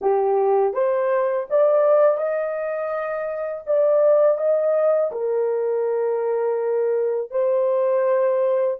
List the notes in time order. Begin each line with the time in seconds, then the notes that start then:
0.01 G4
0.73 C5
1.50 D5
2.17 D#5
3.66 D5
4.37 D#5
5.11 A#4
7.30 C5